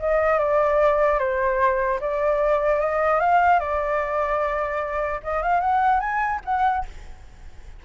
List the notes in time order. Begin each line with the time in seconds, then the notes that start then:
0.00 D#5
0.39 D5
1.19 C5
2.01 D5
2.80 D#5
3.20 F5
3.60 D5
5.24 D#5
5.43 F5
5.61 F#5
6.01 G#5
6.45 F#5